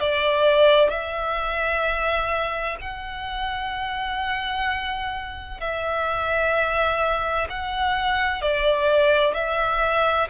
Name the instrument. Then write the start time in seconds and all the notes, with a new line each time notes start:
violin
0.00 D5
0.90 E5
2.81 F#5
5.60 E5
7.50 F#5
8.42 D5
9.34 E5